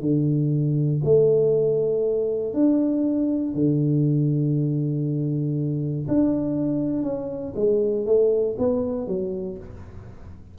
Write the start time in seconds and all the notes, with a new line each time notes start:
0.00 D3
1.04 A3
2.53 D4
3.54 D3
6.08 D4
7.02 C#4
7.55 G#3
8.06 A3
8.58 B3
9.07 F#3